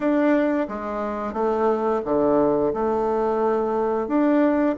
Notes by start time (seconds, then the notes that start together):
0.00 D4
0.68 G#3
1.33 A3
2.04 D3
2.73 A3
4.07 D4